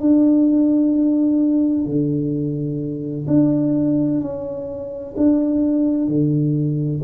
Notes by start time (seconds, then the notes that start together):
0.00 D4
1.86 D3
3.27 D4
4.21 C#4
5.17 D4
6.08 D3